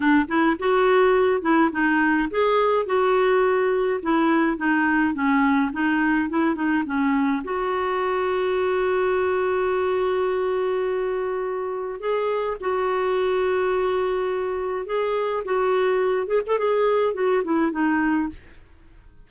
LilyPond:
\new Staff \with { instrumentName = "clarinet" } { \time 4/4 \tempo 4 = 105 d'8 e'8 fis'4. e'8 dis'4 | gis'4 fis'2 e'4 | dis'4 cis'4 dis'4 e'8 dis'8 | cis'4 fis'2.~ |
fis'1~ | fis'4 gis'4 fis'2~ | fis'2 gis'4 fis'4~ | fis'8 gis'16 a'16 gis'4 fis'8 e'8 dis'4 | }